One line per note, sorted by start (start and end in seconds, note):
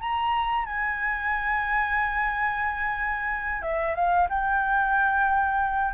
0.00 0.65 A#5
0.65 3.62 G#5
3.62 3.95 E5
3.95 4.28 F5
4.29 5.93 G5